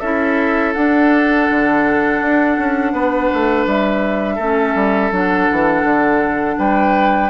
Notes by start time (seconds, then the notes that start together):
0.00 C#4 E4 A4 E5
0.74 D4 F#5
1.50 D3
2.21 D4
2.58 C#4
2.93 B3 B4
3.34 A3
3.67 G3 E5
4.36 A3 C#4 A4
4.75 G3
5.12 F#3 D4 F#5
5.52 E3
5.84 D3
6.58 G3 B4 G5